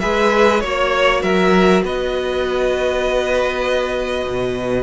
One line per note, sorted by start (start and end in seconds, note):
0.00 0.63 G#3
0.00 0.62 G#4
0.00 0.63 B4
0.00 0.60 E5
0.60 1.23 A#3
0.60 4.83 F#4
0.60 1.21 C#5
0.60 1.23 C#5
1.22 1.83 F#3
1.22 1.83 A#4
1.22 1.83 E5
1.83 4.25 B3
1.83 4.83 B4
1.83 4.83 D#5
4.26 4.83 B2